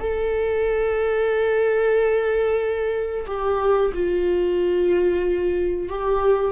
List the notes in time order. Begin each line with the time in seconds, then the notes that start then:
0.00 A4
3.27 G4
3.94 F4
5.89 G4